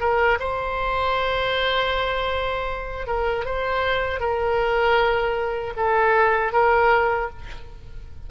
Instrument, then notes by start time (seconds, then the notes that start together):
oboe
0.00 A#4
0.40 C5
3.07 A#4
3.45 C5
4.20 A#4
5.76 A4
6.52 A#4